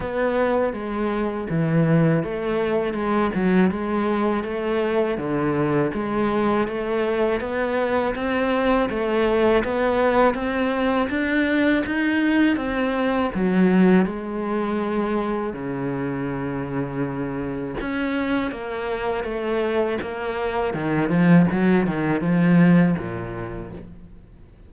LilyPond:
\new Staff \with { instrumentName = "cello" } { \time 4/4 \tempo 4 = 81 b4 gis4 e4 a4 | gis8 fis8 gis4 a4 d4 | gis4 a4 b4 c'4 | a4 b4 c'4 d'4 |
dis'4 c'4 fis4 gis4~ | gis4 cis2. | cis'4 ais4 a4 ais4 | dis8 f8 fis8 dis8 f4 ais,4 | }